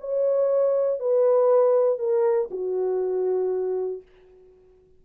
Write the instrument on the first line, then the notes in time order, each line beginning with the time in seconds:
horn
0.00 C#5
0.99 B4
1.99 A#4
2.51 F#4